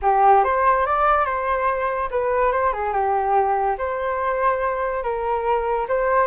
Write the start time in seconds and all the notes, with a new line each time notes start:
0.02 G4
0.44 C5
0.86 D5
1.25 C5
2.11 B4
2.52 C5
2.73 G#4
2.92 G4
3.78 C5
5.03 A#4
5.88 C5